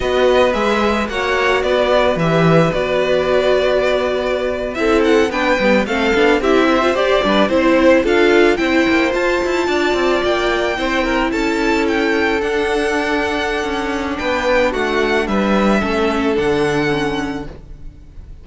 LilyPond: <<
  \new Staff \with { instrumentName = "violin" } { \time 4/4 \tempo 4 = 110 dis''4 e''4 fis''4 d''4 | e''4 d''2.~ | d''8. e''8 fis''8 g''4 f''4 e''16~ | e''8. d''4 c''4 f''4 g''16~ |
g''8. a''2 g''4~ g''16~ | g''8. a''4 g''4 fis''4~ fis''16~ | fis''2 g''4 fis''4 | e''2 fis''2 | }
  \new Staff \with { instrumentName = "violin" } { \time 4/4 b'2 cis''4 b'4~ | b'1~ | b'8. a'4 b'4 a'4 g'16~ | g'16 c''4 b'8 c''4 a'4 c''16~ |
c''4.~ c''16 d''2 c''16~ | c''16 ais'8 a'2.~ a'16~ | a'2 b'4 fis'4 | b'4 a'2. | }
  \new Staff \with { instrumentName = "viola" } { \time 4/4 fis'4 gis'4 fis'2 | g'4 fis'2.~ | fis'8. e'4 d'8 b8 c'8 d'8 e'16~ | e'8 f'16 g'8 d'8 e'4 f'4 e'16~ |
e'8. f'2. e'16~ | e'2~ e'8. d'4~ d'16~ | d'1~ | d'4 cis'4 d'4 cis'4 | }
  \new Staff \with { instrumentName = "cello" } { \time 4/4 b4 gis4 ais4 b4 | e4 b2.~ | b8. c'4 b8 g8 a8 b8 c'16~ | c'8. g'8 g8 c'4 d'4 c'16~ |
c'16 ais8 f'8 e'8 d'8 c'8 ais4 c'16~ | c'8. cis'2 d'4~ d'16~ | d'4 cis'4 b4 a4 | g4 a4 d2 | }
>>